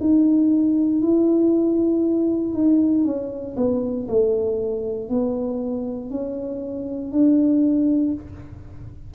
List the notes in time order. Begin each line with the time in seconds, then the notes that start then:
0.00 D#4
1.01 E4
2.54 D#4
3.05 C#4
3.56 B3
4.08 A3
5.09 B3
6.10 C#4
7.12 D4